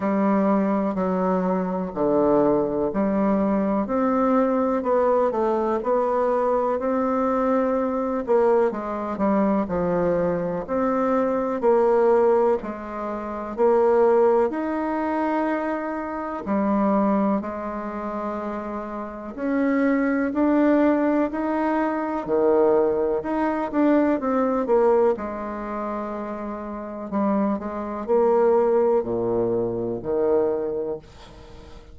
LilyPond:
\new Staff \with { instrumentName = "bassoon" } { \time 4/4 \tempo 4 = 62 g4 fis4 d4 g4 | c'4 b8 a8 b4 c'4~ | c'8 ais8 gis8 g8 f4 c'4 | ais4 gis4 ais4 dis'4~ |
dis'4 g4 gis2 | cis'4 d'4 dis'4 dis4 | dis'8 d'8 c'8 ais8 gis2 | g8 gis8 ais4 ais,4 dis4 | }